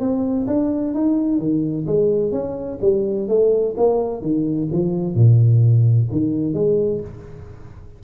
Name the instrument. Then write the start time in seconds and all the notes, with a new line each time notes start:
tuba
0.00 C4
0.48 D4
0.95 D#4
1.39 D#3
1.87 G#3
2.32 C#4
2.82 G3
3.29 A3
3.77 A#3
4.22 D#3
4.72 F3
5.15 A#2
6.12 D#3
6.54 G#3